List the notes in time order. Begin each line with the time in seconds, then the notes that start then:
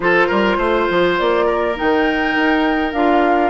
0.00 F3 F4 A4 C5
0.27 G3 A#4
0.57 A3 C5
0.89 F3
1.18 A#3 D5
1.46 A#4
1.75 D#3 D#4 G5
2.35 D#4
2.92 D4 F4 F5